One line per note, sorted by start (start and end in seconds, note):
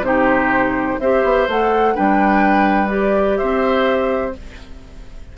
0.00 0.96 C3
0.00 1.00 D#4
0.00 1.00 G4
0.00 1.00 C5
1.00 1.23 C4
1.00 1.49 G4
1.00 1.94 C5
1.00 1.48 E5
1.23 1.47 B3
1.48 1.96 A3
1.48 1.94 A4
1.48 1.96 F#5
1.94 3.41 G3
1.94 2.88 D4
1.94 3.38 B4
1.94 2.89 G5
2.88 4.32 G4
2.88 3.37 D5
3.37 4.37 C4
3.37 4.34 C5
3.37 4.33 E5